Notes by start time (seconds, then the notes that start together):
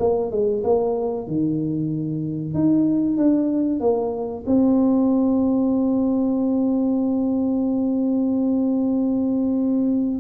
0.00 A#3
0.31 G#3
0.64 A#3
1.28 D#3
2.54 D#4
3.17 D4
3.80 A#3
4.47 C4